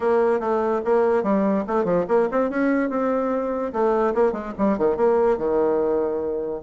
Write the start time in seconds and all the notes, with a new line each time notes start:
0.00 A#3
0.39 A3
0.84 A#3
1.23 G3
1.67 A3
1.84 F3
2.08 A#3
2.31 C4
2.49 C#4
2.89 C4
3.72 A3
4.14 A#3
4.32 G#3
4.57 G3
4.78 D#3
4.96 A#3
5.37 D#3